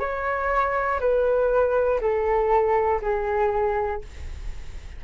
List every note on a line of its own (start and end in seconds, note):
0.00 1.00 C#5
1.00 2.00 B4
2.01 3.01 A4
3.02 4.02 G#4